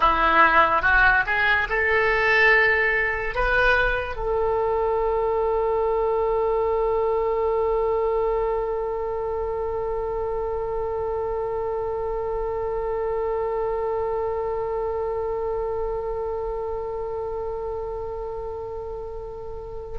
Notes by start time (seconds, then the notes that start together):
0.00 E4
0.82 F#4
1.26 G#4
1.69 A4
3.34 B4
4.16 A4